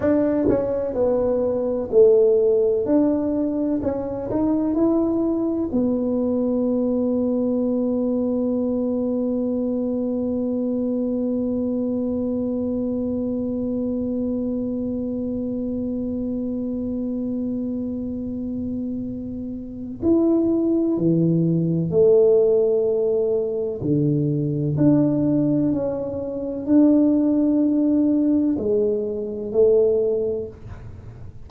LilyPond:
\new Staff \with { instrumentName = "tuba" } { \time 4/4 \tempo 4 = 63 d'8 cis'8 b4 a4 d'4 | cis'8 dis'8 e'4 b2~ | b1~ | b1~ |
b1~ | b4 e'4 e4 a4~ | a4 d4 d'4 cis'4 | d'2 gis4 a4 | }